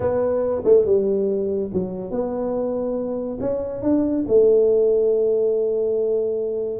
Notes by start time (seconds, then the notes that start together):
0.00 B3
0.64 A3
0.85 G3
1.73 F#3
2.10 B3
3.40 C#4
3.82 D4
4.27 A3